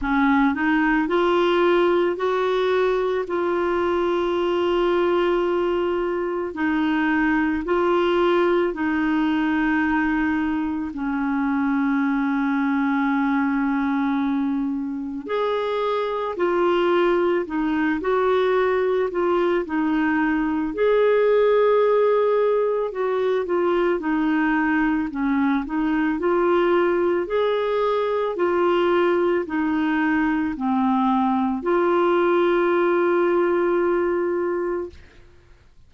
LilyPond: \new Staff \with { instrumentName = "clarinet" } { \time 4/4 \tempo 4 = 55 cis'8 dis'8 f'4 fis'4 f'4~ | f'2 dis'4 f'4 | dis'2 cis'2~ | cis'2 gis'4 f'4 |
dis'8 fis'4 f'8 dis'4 gis'4~ | gis'4 fis'8 f'8 dis'4 cis'8 dis'8 | f'4 gis'4 f'4 dis'4 | c'4 f'2. | }